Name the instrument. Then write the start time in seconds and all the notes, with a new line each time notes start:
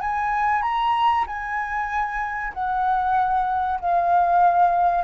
flute
0.00 G#5
0.62 A#5
1.27 G#5
2.53 F#5
3.80 F5